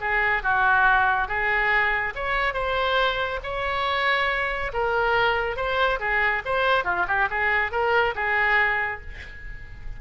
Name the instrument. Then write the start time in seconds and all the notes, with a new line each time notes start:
oboe
0.00 G#4
0.43 F#4
1.28 G#4
2.15 C#5
2.54 C5
3.43 C#5
4.73 A#4
5.56 C5
5.99 G#4
6.45 C5
6.84 F4
7.07 G4
7.30 G#4
7.71 A#4
8.15 G#4